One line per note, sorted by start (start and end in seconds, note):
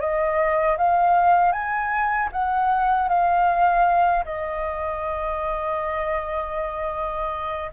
0.00 0.77 D#5
0.77 1.52 F5
1.52 2.29 G#5
2.33 3.09 F#5
3.09 4.24 F5
4.25 7.71 D#5